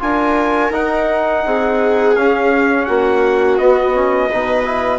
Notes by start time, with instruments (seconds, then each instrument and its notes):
0.00 bassoon D4, trombone F4, viola A#4, trumpet G#5
0.71 bassoon D#4, trombone D#4, trumpet F#5
1.46 bassoon C4, viola G#4
2.16 bassoon C#4, trombone C#4, trumpet F5
2.86 bassoon A#3, viola F#4, trumpet F#5
3.58 bassoon B3, trombone B3, trumpet D#5
3.95 trombone C#4
4.30 bassoon B2, trombone D#4, viola B4
4.65 trombone E4